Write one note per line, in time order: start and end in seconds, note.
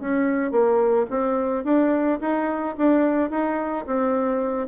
0.00 0.51 C#4
0.51 1.06 A#3
1.10 1.64 C4
1.64 2.19 D4
2.21 2.76 D#4
2.78 3.30 D4
3.30 3.85 D#4
3.87 4.68 C4